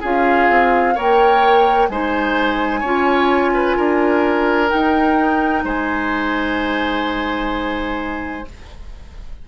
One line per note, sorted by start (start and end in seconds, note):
0.00 0.49 C#4
0.00 0.95 F4
0.00 0.94 G#4
0.00 0.97 F5
0.49 0.96 C4
0.95 1.89 A#3
0.95 1.88 A#4
0.95 1.88 C#5
0.95 1.89 G5
1.89 2.82 G#3
1.89 2.84 D#4
1.89 2.80 C5
1.89 4.69 G#5
2.80 3.76 C#4
2.80 4.69 F4
2.80 3.50 C#5
3.54 3.76 B4
3.76 4.71 D4
3.76 5.64 A#4
4.69 8.44 D#4
4.69 5.64 D#4
4.69 5.63 G5
5.64 8.45 G#3
5.64 8.46 C5
5.64 8.48 G#5